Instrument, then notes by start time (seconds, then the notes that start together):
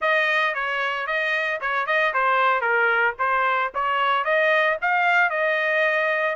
trumpet
0.01 D#5
0.54 C#5
1.06 D#5
1.60 C#5
1.86 D#5
2.13 C5
2.61 A#4
3.18 C5
3.74 C#5
4.24 D#5
4.81 F5
5.30 D#5